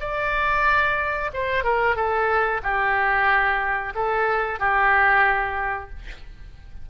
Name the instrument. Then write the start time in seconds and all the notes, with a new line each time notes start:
oboe
0.00 D5
1.33 C5
1.64 A#4
1.96 A4
2.63 G4
3.95 A4
4.59 G4